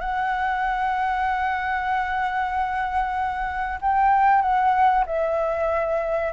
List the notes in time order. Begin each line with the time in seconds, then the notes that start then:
0.00 F#5
3.81 G5
4.42 F#5
5.06 E5